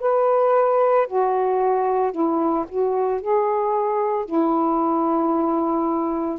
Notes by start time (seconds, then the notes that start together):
0.00 B4
1.07 F#4
2.11 E4
2.69 F#4
3.20 G#4
4.25 E4